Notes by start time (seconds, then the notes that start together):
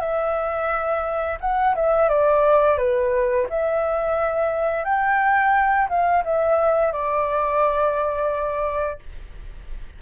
0.00 E5
1.40 F#5
1.75 E5
2.09 D5
2.78 B4
3.50 E5
4.84 G5
5.89 F5
6.24 E5
6.92 D5